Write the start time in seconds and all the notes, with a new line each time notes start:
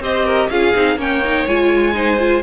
0.00 C4 G4 C5 D#5
0.25 A#4
0.49 C#4 F4 G#4 F5
0.75 C4 D#4
0.96 A#3 C#4 C#5 G5
1.24 D#4
1.47 G#3 F4 G#5
1.94 D#4 C5
2.19 F4